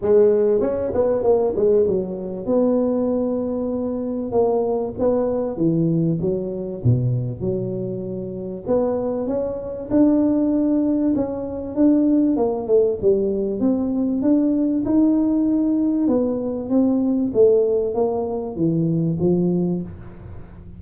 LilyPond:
\new Staff \with { instrumentName = "tuba" } { \time 4/4 \tempo 4 = 97 gis4 cis'8 b8 ais8 gis8 fis4 | b2. ais4 | b4 e4 fis4 b,4 | fis2 b4 cis'4 |
d'2 cis'4 d'4 | ais8 a8 g4 c'4 d'4 | dis'2 b4 c'4 | a4 ais4 e4 f4 | }